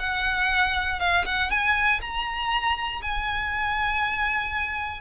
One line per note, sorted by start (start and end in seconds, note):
0.00 1.00 F#5
1.00 1.25 F5
1.26 1.51 F#5
1.51 2.01 G#5
2.02 3.02 A#5
3.02 5.01 G#5